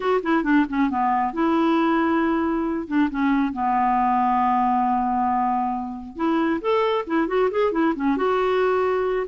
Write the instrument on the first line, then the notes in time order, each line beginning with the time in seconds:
clarinet
0.00 F#4
0.22 E4
0.43 D4
0.69 C#4
0.90 B3
1.33 E4
2.87 D4
3.10 C#4
3.52 B3
6.16 E4
6.61 A4
7.06 E4
7.27 F#4
7.50 G#4
7.71 E4
7.95 C#4
8.16 F#4